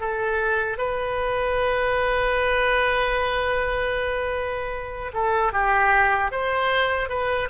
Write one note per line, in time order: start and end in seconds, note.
0.00 0.78 A4
0.78 5.12 B4
5.14 5.53 A4
5.53 6.32 G4
6.32 7.09 C5
7.09 7.49 B4